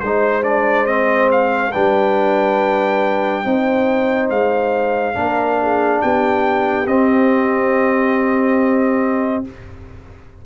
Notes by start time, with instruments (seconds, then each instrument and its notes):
0.00 tuba G#3, trombone D#4, trumpet C5, horn C5
0.43 trombone D4, trumpet D5
0.86 trombone C4, trumpet D#5
1.31 trumpet F5
1.71 tuba G3, trombone D4, horn B4, trumpet G5
3.44 tuba C4, trombone D#4, horn C5
4.30 tuba G#3, trumpet F5
5.15 tuba A#3, trombone D4, horn A#4
5.61 horn G#4
6.01 tuba B3, horn G4, trumpet G5
6.87 tuba C4, trombone C4, trumpet D#5